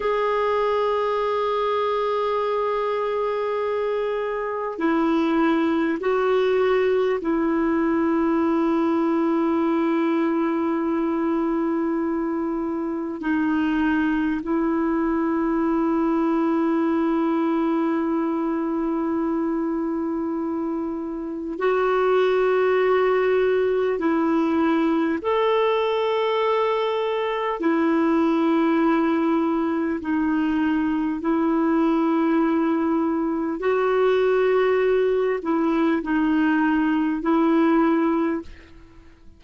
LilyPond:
\new Staff \with { instrumentName = "clarinet" } { \time 4/4 \tempo 4 = 50 gis'1 | e'4 fis'4 e'2~ | e'2. dis'4 | e'1~ |
e'2 fis'2 | e'4 a'2 e'4~ | e'4 dis'4 e'2 | fis'4. e'8 dis'4 e'4 | }